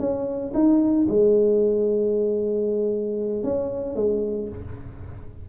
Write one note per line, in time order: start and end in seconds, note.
0.00 0.53 C#4
0.54 1.07 D#4
1.09 3.44 G#3
3.44 3.96 C#4
3.96 4.49 G#3